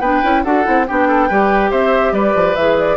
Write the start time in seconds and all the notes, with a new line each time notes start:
0.00 B3 D4 B4 G5
0.24 C#4 E4
0.44 D4 F#4 A4 F#5
0.64 C4 E4
0.88 B3 D4 G4 G5
1.08 A4
1.28 G3 G4 B4
1.71 C4 C5 E5
2.12 G3 B4 D5
2.35 F3
2.55 E3 G#4 E5
2.79 D5